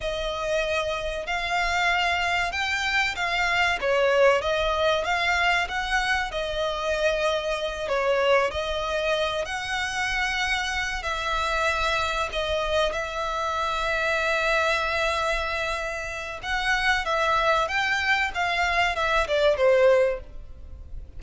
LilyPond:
\new Staff \with { instrumentName = "violin" } { \time 4/4 \tempo 4 = 95 dis''2 f''2 | g''4 f''4 cis''4 dis''4 | f''4 fis''4 dis''2~ | dis''8 cis''4 dis''4. fis''4~ |
fis''4. e''2 dis''8~ | dis''8 e''2.~ e''8~ | e''2 fis''4 e''4 | g''4 f''4 e''8 d''8 c''4 | }